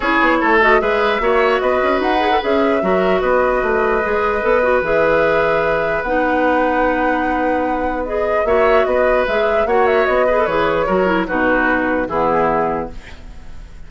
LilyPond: <<
  \new Staff \with { instrumentName = "flute" } { \time 4/4 \tempo 4 = 149 cis''4. dis''8 e''2 | dis''4 fis''4 e''2 | dis''1 | e''2. fis''4~ |
fis''1 | dis''4 e''4 dis''4 e''4 | fis''8 e''8 dis''4 cis''2 | b'2 gis'2 | }
  \new Staff \with { instrumentName = "oboe" } { \time 4/4 gis'4 a'4 b'4 cis''4 | b'2. ais'4 | b'1~ | b'1~ |
b'1~ | b'4 cis''4 b'2 | cis''4. b'4. ais'4 | fis'2 e'2 | }
  \new Staff \with { instrumentName = "clarinet" } { \time 4/4 e'4. fis'8 gis'4 fis'4~ | fis'4. gis'16 a'16 gis'4 fis'4~ | fis'2 gis'4 a'8 fis'8 | gis'2. dis'4~ |
dis'1 | gis'4 fis'2 gis'4 | fis'4. gis'16 a'16 gis'4 fis'8 e'8 | dis'2 b2 | }
  \new Staff \with { instrumentName = "bassoon" } { \time 4/4 cis'8 b8 a4 gis4 ais4 | b8 cis'8 dis'4 cis'4 fis4 | b4 a4 gis4 b4 | e2. b4~ |
b1~ | b4 ais4 b4 gis4 | ais4 b4 e4 fis4 | b,2 e2 | }
>>